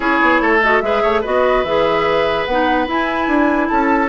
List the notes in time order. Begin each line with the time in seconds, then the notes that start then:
0.00 C#4 E4 G#4 C#5
0.21 B3
0.40 A3 A4
0.62 F#4 D#5
0.80 G#3 G#4 B4 E5
1.02 A3 C#5
1.21 B3 F#4 B4 D#5
1.64 E3 G#4 E5
2.45 B3 D#4 F#5
2.86 E4 G#5
3.27 D4
3.68 C#4 A4 A5